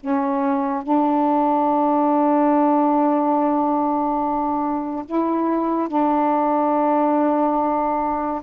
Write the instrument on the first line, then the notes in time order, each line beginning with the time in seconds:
saxophone
0.00 C#4
0.83 D4
5.06 E4
5.88 D4